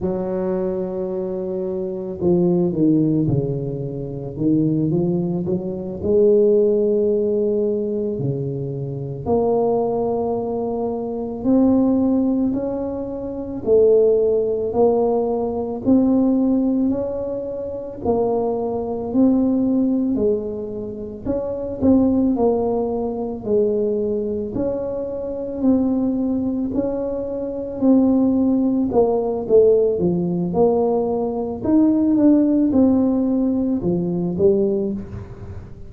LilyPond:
\new Staff \with { instrumentName = "tuba" } { \time 4/4 \tempo 4 = 55 fis2 f8 dis8 cis4 | dis8 f8 fis8 gis2 cis8~ | cis8 ais2 c'4 cis'8~ | cis'8 a4 ais4 c'4 cis'8~ |
cis'8 ais4 c'4 gis4 cis'8 | c'8 ais4 gis4 cis'4 c'8~ | c'8 cis'4 c'4 ais8 a8 f8 | ais4 dis'8 d'8 c'4 f8 g8 | }